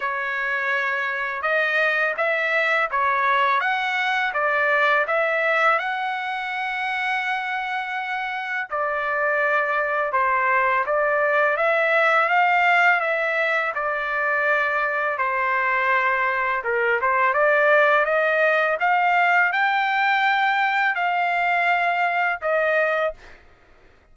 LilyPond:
\new Staff \with { instrumentName = "trumpet" } { \time 4/4 \tempo 4 = 83 cis''2 dis''4 e''4 | cis''4 fis''4 d''4 e''4 | fis''1 | d''2 c''4 d''4 |
e''4 f''4 e''4 d''4~ | d''4 c''2 ais'8 c''8 | d''4 dis''4 f''4 g''4~ | g''4 f''2 dis''4 | }